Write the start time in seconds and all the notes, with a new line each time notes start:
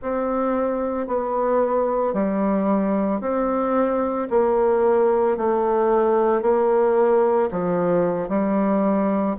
0.01 C4
1.07 B3
2.13 G3
3.20 C4
4.30 A#3
5.37 A3
6.41 A#3
7.51 F3
8.28 G3